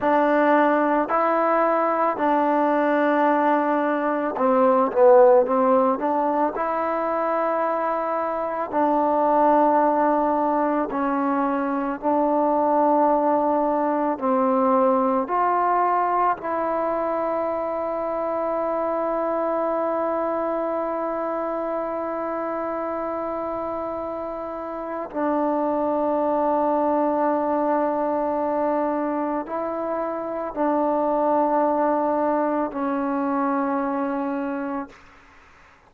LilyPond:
\new Staff \with { instrumentName = "trombone" } { \time 4/4 \tempo 4 = 55 d'4 e'4 d'2 | c'8 b8 c'8 d'8 e'2 | d'2 cis'4 d'4~ | d'4 c'4 f'4 e'4~ |
e'1~ | e'2. d'4~ | d'2. e'4 | d'2 cis'2 | }